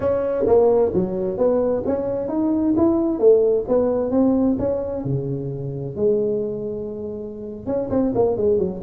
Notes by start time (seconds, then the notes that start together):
0.00 C#4
0.46 A#3
0.94 F#3
1.37 B3
1.86 C#4
2.28 D#4
2.76 E4
3.19 A3
3.68 B3
4.11 C4
4.58 C#4
5.04 C#3
5.95 G#3
7.66 C#4
7.90 C4
8.15 A#3
8.36 G#3
8.58 F#3